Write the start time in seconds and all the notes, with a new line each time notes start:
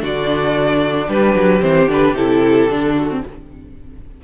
0.00 D3 D4 F#4 D5
1.08 G3 G4 B4
1.34 F#3
1.61 E3 C4 C5
1.87 D3 D4 B4
2.14 C3 E4 A4
2.69 D3 D4
2.94 F#4
3.10 C4